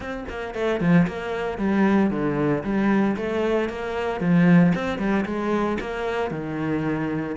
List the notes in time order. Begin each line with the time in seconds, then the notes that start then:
0.00 C4
0.28 A#3
0.54 A3
0.80 F3
1.07 A#3
1.58 G3
2.10 D3
2.63 G3
3.16 A3
3.69 A#3
4.20 F3
4.74 C4
4.98 G3
5.25 G#3
5.80 A#3
6.30 D#3